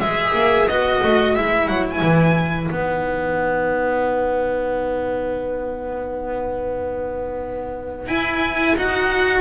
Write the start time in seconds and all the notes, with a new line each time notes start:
0.00 G#3 G#4 B4 E5
0.34 A#3
0.68 B3 F#4 D#5
1.03 A3
1.36 G#3 E4 E5
1.68 F#3 F#5
1.90 G#5
2.02 E3
2.70 B3 D#4 F#5
8.07 E4 G#5
8.76 D#4 F#4 F#5